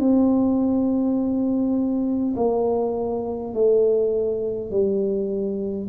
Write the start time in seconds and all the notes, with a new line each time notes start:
0.00 C4
2.37 A#3
3.54 A3
4.71 G3